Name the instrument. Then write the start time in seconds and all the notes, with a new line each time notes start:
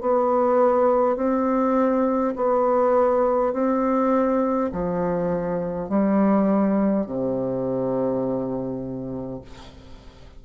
bassoon
0.00 B3
1.16 C4
2.35 B3
3.52 C4
4.72 F3
5.89 G3
7.06 C3